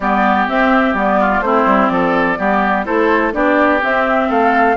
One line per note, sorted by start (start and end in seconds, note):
0.00 0.47 G3
0.00 0.48 B3
0.00 1.19 G4
0.00 0.47 D5
0.48 0.95 C4
0.48 0.94 C4
0.48 0.94 E5
0.94 1.40 G3
0.94 1.43 B3
0.94 1.41 D5
1.19 1.43 F4
1.40 1.64 A3
1.40 2.37 C4
1.40 1.92 E4
1.40 1.88 C5
1.65 1.89 G3
1.88 2.36 F3
1.88 2.38 A4
1.88 2.83 D5
2.37 2.87 G3
2.37 2.85 B3
2.37 2.85 G4
2.85 3.34 A3
2.85 3.32 E4
2.85 3.33 A4
2.85 3.33 C5
3.32 3.81 B3
3.32 3.80 D4
3.32 4.28 G4
3.32 3.81 D5
3.81 4.76 C4
3.81 4.29 C4
3.81 4.31 E5
4.28 4.77 A3
4.28 4.76 A4
4.28 4.77 F5